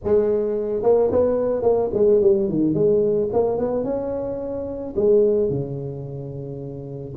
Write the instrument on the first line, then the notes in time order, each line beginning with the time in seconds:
tuba
0.04 G#3
0.83 A#3
1.11 B3
1.62 A#3
1.93 G#3
2.21 G3
2.48 D#3
2.74 G#3
3.32 A#3
3.58 B3
3.84 C#4
4.95 G#3
5.49 C#3